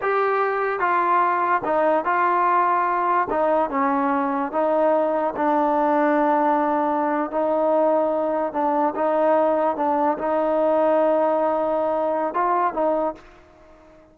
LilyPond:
\new Staff \with { instrumentName = "trombone" } { \time 4/4 \tempo 4 = 146 g'2 f'2 | dis'4 f'2. | dis'4 cis'2 dis'4~ | dis'4 d'2.~ |
d'4.~ d'16 dis'2~ dis'16~ | dis'8. d'4 dis'2 d'16~ | d'8. dis'2.~ dis'16~ | dis'2 f'4 dis'4 | }